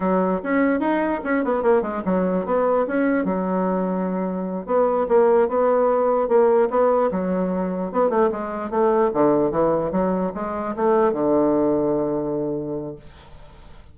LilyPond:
\new Staff \with { instrumentName = "bassoon" } { \time 4/4 \tempo 4 = 148 fis4 cis'4 dis'4 cis'8 b8 | ais8 gis8 fis4 b4 cis'4 | fis2.~ fis8 b8~ | b8 ais4 b2 ais8~ |
ais8 b4 fis2 b8 | a8 gis4 a4 d4 e8~ | e8 fis4 gis4 a4 d8~ | d1 | }